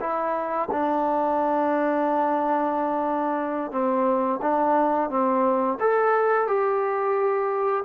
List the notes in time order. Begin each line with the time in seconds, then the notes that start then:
0.00 E4
0.71 D4
3.71 C4
4.41 D4
5.10 C4
5.80 A4
6.47 G4